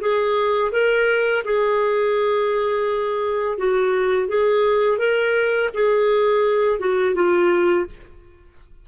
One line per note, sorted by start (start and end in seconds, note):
0.00 0.71 G#4
0.72 1.43 A#4
1.44 3.57 G#4
3.57 4.28 F#4
4.28 4.98 G#4
4.98 5.69 A#4
5.73 6.79 G#4
6.79 7.14 F#4
7.14 7.86 F4